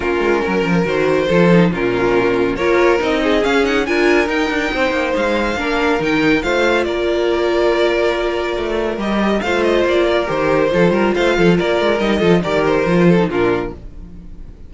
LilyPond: <<
  \new Staff \with { instrumentName = "violin" } { \time 4/4 \tempo 4 = 140 ais'2 c''2 | ais'2 cis''4 dis''4 | f''8 fis''8 gis''4 g''2 | f''2 g''4 f''4 |
d''1~ | d''4 dis''4 f''8 dis''8 d''4 | c''2 f''4 d''4 | dis''4 d''8 c''4. ais'4 | }
  \new Staff \with { instrumentName = "violin" } { \time 4/4 f'4 ais'2 a'4 | f'2 ais'4. gis'8~ | gis'4 ais'2 c''4~ | c''4 ais'2 c''4 |
ais'1~ | ais'2 c''4. ais'8~ | ais'4 a'8 ais'8 c''8 a'8 ais'4~ | ais'8 a'8 ais'4. a'8 f'4 | }
  \new Staff \with { instrumentName = "viola" } { \time 4/4 cis'2 fis'4 f'8 dis'8 | cis'2 f'4 dis'4 | cis'8 dis'8 f'4 dis'2~ | dis'4 d'4 dis'4 f'4~ |
f'1~ | f'4 g'4 f'2 | g'4 f'2. | dis'8 f'8 g'4 f'8. dis'16 d'4 | }
  \new Staff \with { instrumentName = "cello" } { \time 4/4 ais8 gis8 fis8 f8 dis4 f4 | ais,2 ais4 c'4 | cis'4 d'4 dis'8 d'8 c'8 ais8 | gis4 ais4 dis4 a4 |
ais1 | a4 g4 a4 ais4 | dis4 f8 g8 a8 f8 ais8 gis8 | g8 f8 dis4 f4 ais,4 | }
>>